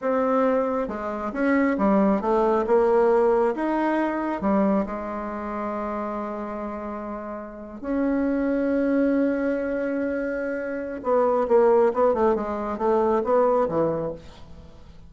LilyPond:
\new Staff \with { instrumentName = "bassoon" } { \time 4/4 \tempo 4 = 136 c'2 gis4 cis'4 | g4 a4 ais2 | dis'2 g4 gis4~ | gis1~ |
gis4.~ gis16 cis'2~ cis'16~ | cis'1~ | cis'4 b4 ais4 b8 a8 | gis4 a4 b4 e4 | }